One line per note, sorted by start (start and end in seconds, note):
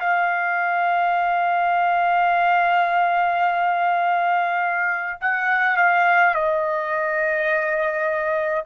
0.00 5.19 F5
5.21 5.77 F#5
5.77 6.34 F5
6.34 8.65 D#5